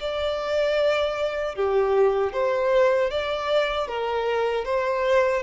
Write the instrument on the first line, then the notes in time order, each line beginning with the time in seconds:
violin
0.00 D5
1.55 G4
2.33 C5
3.10 D5
3.87 A#4
4.65 C5